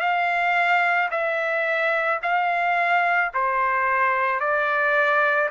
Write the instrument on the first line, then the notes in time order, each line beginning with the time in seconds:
trumpet
0.00 F5
1.11 E5
2.22 F5
3.34 C5
4.40 D5